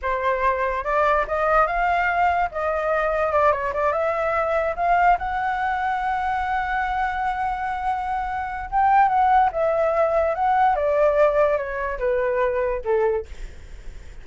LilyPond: \new Staff \with { instrumentName = "flute" } { \time 4/4 \tempo 4 = 145 c''2 d''4 dis''4 | f''2 dis''2 | d''8 cis''8 d''8 e''2 f''8~ | f''8 fis''2.~ fis''8~ |
fis''1~ | fis''4 g''4 fis''4 e''4~ | e''4 fis''4 d''2 | cis''4 b'2 a'4 | }